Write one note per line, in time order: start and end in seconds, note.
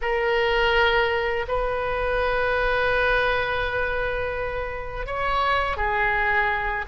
0.01 1.46 A#4
1.48 5.06 B4
5.06 5.76 C#5
5.76 6.85 G#4